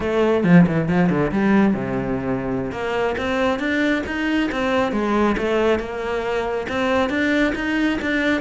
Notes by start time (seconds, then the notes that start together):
0.00 A3
0.44 F3
0.66 E3
0.88 F3
1.09 D3
1.31 G3
1.74 C3
2.71 A#3
3.17 C4
3.59 D4
4.06 D#4
4.51 C4
4.92 G#3
5.37 A3
5.79 A#3
6.68 C4
7.09 D4
7.55 D#4
8.01 D4